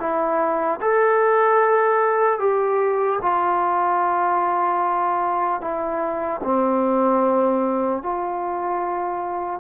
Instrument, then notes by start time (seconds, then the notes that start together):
trombone
0.00 E4
0.81 A4
2.40 G4
3.22 F4
5.61 E4
6.43 C4
8.03 F4